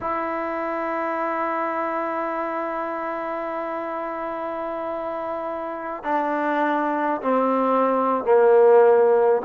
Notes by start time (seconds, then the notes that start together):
0.00 E4
6.03 D4
7.21 C4
8.24 A#3